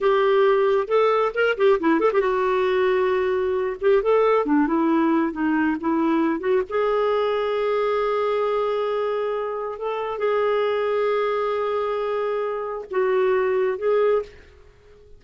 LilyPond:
\new Staff \with { instrumentName = "clarinet" } { \time 4/4 \tempo 4 = 135 g'2 a'4 ais'8 g'8 | e'8 a'16 g'16 fis'2.~ | fis'8 g'8 a'4 d'8 e'4. | dis'4 e'4. fis'8 gis'4~ |
gis'1~ | gis'2 a'4 gis'4~ | gis'1~ | gis'4 fis'2 gis'4 | }